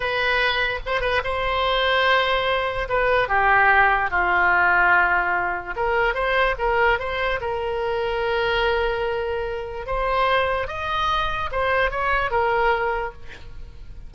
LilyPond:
\new Staff \with { instrumentName = "oboe" } { \time 4/4 \tempo 4 = 146 b'2 c''8 b'8 c''4~ | c''2. b'4 | g'2 f'2~ | f'2 ais'4 c''4 |
ais'4 c''4 ais'2~ | ais'1 | c''2 dis''2 | c''4 cis''4 ais'2 | }